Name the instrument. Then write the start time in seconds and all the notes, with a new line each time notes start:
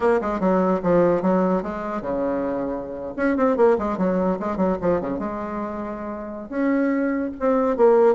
bassoon
0.00 A#3
0.21 G#3
0.40 F#3
0.82 F3
1.21 F#3
1.62 G#3
2.01 C#3
3.16 C#4
3.36 C4
3.56 A#3
3.78 G#3
3.97 F#3
4.39 G#3
4.56 F#3
4.81 F3
5.00 C#3
5.19 G#3
6.49 C#4
7.39 C4
7.76 A#3